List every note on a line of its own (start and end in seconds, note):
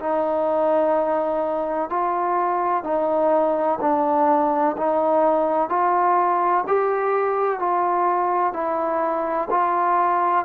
0.00 1.90 D#4
1.90 2.84 F4
2.84 3.79 D#4
3.81 4.76 D4
4.77 5.69 D#4
5.69 6.65 F4
6.67 7.59 G4
7.59 8.53 F4
8.53 9.48 E4
9.51 10.45 F4